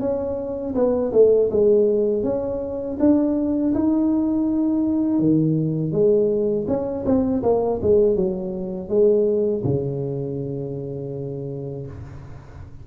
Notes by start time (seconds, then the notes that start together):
0.00 C#4
0.75 B3
1.12 A3
1.50 G#3
2.23 C#4
2.99 D4
3.74 D#4
5.19 D#3
5.92 G#3
6.67 C#4
7.05 C4
7.42 A#3
7.82 G#3
8.15 F#3
8.88 G#3
9.64 C#3